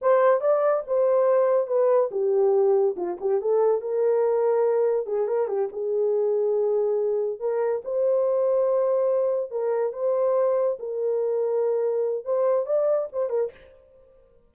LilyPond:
\new Staff \with { instrumentName = "horn" } { \time 4/4 \tempo 4 = 142 c''4 d''4 c''2 | b'4 g'2 f'8 g'8 | a'4 ais'2. | gis'8 ais'8 g'8 gis'2~ gis'8~ |
gis'4. ais'4 c''4.~ | c''2~ c''8 ais'4 c''8~ | c''4. ais'2~ ais'8~ | ais'4 c''4 d''4 c''8 ais'8 | }